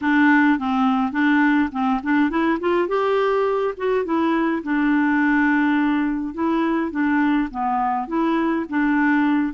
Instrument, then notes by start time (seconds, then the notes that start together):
clarinet
0.01 D4
0.58 C4
1.11 D4
1.72 C4
2.03 D4
2.30 E4
2.60 F4
2.87 G4
3.77 F#4
4.04 E4
4.63 D4
6.33 E4
6.91 D4
7.50 B3
8.07 E4
8.69 D4